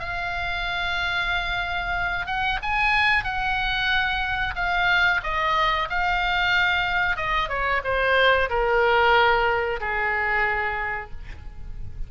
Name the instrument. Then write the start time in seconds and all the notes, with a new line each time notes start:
oboe
0.00 F5
2.27 F#5
2.63 G#5
3.25 F#5
4.56 F5
5.24 D#5
5.90 F5
7.17 D#5
7.49 C#5
7.84 C5
8.50 A#4
9.81 G#4